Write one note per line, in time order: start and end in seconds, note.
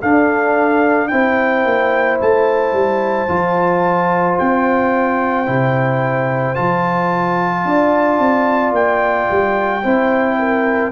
0.00 1.12 D4
0.00 1.11 D4
0.00 1.09 A4
0.00 1.08 F5
1.08 1.66 C4
1.08 3.29 E4
1.08 7.66 C5
1.08 2.17 G5
1.66 2.20 A#3
2.22 2.73 A3
2.22 4.39 A5
2.73 3.28 G3
3.29 4.38 F3
3.29 5.47 F4
4.39 5.48 C4
4.39 6.55 G5
5.47 6.57 C3
5.47 6.55 E4
6.55 7.65 F3
6.55 9.83 F4
6.55 8.74 A5
7.65 8.20 D4
7.65 9.83 D5
8.20 8.72 C4
8.72 9.27 A#3
8.72 10.92 G5
9.31 9.85 G3
9.83 10.92 C4
9.83 10.92 E4
9.83 10.38 C5
10.40 10.92 A#4